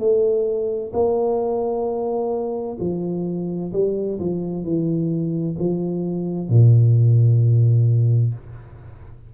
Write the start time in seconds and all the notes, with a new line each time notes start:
0.00 A3
0.93 A#3
2.80 F3
3.73 G3
4.20 F3
4.64 E3
5.59 F3
6.50 A#2